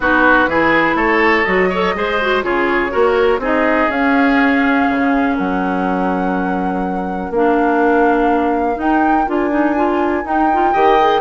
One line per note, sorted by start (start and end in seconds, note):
0.00 0.46 B3
0.00 0.49 D#4
0.00 0.49 F#4
0.00 0.96 B4
0.47 0.94 E3
0.47 1.45 E4
0.47 0.95 G#4
0.94 1.43 A3
0.94 1.68 A4
0.94 1.44 C#5
1.44 1.94 F#3
1.44 1.70 F#4
1.44 2.41 D#5
1.69 1.95 A4
1.69 1.94 C#5
1.94 2.43 G#3
1.94 2.19 G#4
1.94 2.44 C5
2.21 2.42 F#4
2.42 2.92 C#3
2.42 2.90 F4
2.42 2.91 G#4
2.42 3.40 C#5
2.90 3.38 A#3
2.90 3.39 F#4
2.90 3.40 A#4
3.38 3.87 C4
3.38 3.90 D#4
3.38 5.34 G#4
3.45 3.91 D#5
3.89 4.86 C#4
3.89 7.33 C#4
3.89 5.37 F5
4.89 5.38 C#3
5.34 7.30 F#3
5.34 10.71 A#4
5.34 7.32 F#5
7.30 8.76 A#3
7.30 8.74 D4
7.30 8.80 F5
8.74 9.23 D#4
8.74 9.26 D#4
8.74 9.28 G5
9.26 10.24 D4
9.26 9.50 F4
9.26 10.26 G#5
9.50 9.74 D#4
9.75 10.23 F4
10.23 10.48 D#4
10.23 10.73 D#4
10.23 11.21 G5
10.53 10.74 F4
10.72 11.21 D#3
10.72 10.98 G4
10.72 11.21 D#5
11.00 11.21 G#4